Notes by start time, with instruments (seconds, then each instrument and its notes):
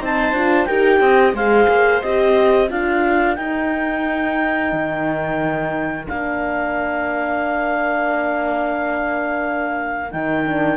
0.00 cello C4, horn D#4, viola C5, clarinet A5
0.33 cello D4, horn F4
0.65 cello D#4, horn G4, viola A#4, clarinet G5
1.00 cello C4, viola D#5
1.33 cello G#3, horn G#4, viola C5, clarinet F5
1.69 cello A#3
2.02 cello C4, horn G4, clarinet D#5
2.68 cello D4, horn F4, viola A#4, clarinet F5
3.35 horn D#4, cello D#4, clarinet G5
4.72 cello D#3
6.07 cello A#3, horn D4, clarinet F5
10.11 cello D#3, horn D#4, clarinet G5
10.46 horn D4